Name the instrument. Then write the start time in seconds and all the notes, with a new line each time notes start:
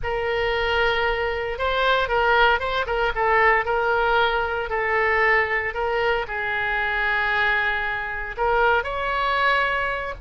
oboe
0.03 A#4
1.58 C5
2.08 A#4
2.59 C5
2.86 A#4
3.15 A4
3.65 A#4
4.69 A4
5.74 A#4
6.27 G#4
8.37 A#4
8.83 C#5